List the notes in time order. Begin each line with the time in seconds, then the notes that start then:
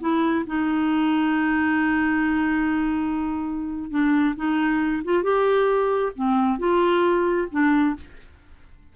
0.00 E4
0.46 D#4
3.90 D4
4.36 D#4
5.04 F4
5.23 G4
6.15 C4
6.58 F4
7.51 D4